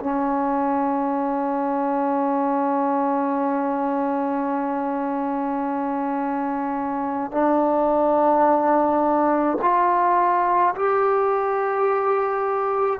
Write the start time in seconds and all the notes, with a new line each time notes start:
0.00 C#4
7.32 D4
9.62 F4
10.75 G4